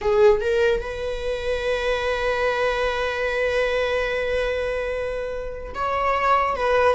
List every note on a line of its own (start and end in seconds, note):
0.01 0.40 G#4
0.40 0.80 A#4
0.80 5.73 B4
5.74 6.55 C#5
6.55 6.95 B4